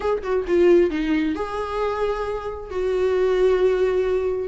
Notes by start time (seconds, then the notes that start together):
0.00 G#4
0.22 F#4
0.47 F4
0.90 D#4
1.35 G#4
2.70 F#4